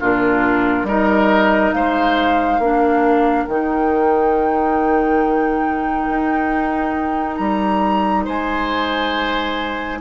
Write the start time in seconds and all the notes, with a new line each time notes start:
0.00 A#2 D4 F4 A#4
0.84 G3 D#4 A#4 D#5
1.72 G#3 C5 F5
2.59 A#3 D4 A#4
3.46 D#3 D#4 G5
6.10 D#4
7.36 G3 A#5
8.25 G#3 C5 G#5